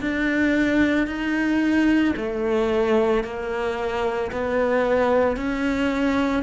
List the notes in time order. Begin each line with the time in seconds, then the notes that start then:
0.00 D4
1.07 D#4
2.16 A3
3.23 A#3
4.31 B3
5.36 C#4